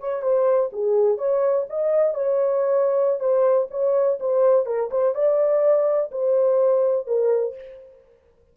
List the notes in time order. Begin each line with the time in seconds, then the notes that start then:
0.00 C#5
0.22 C5
0.73 G#4
1.18 C#5
1.70 D#5
2.14 C#5
3.20 C5
3.71 C#5
4.20 C5
4.66 A#4
4.91 C5
5.15 D5
6.12 C5
7.07 A#4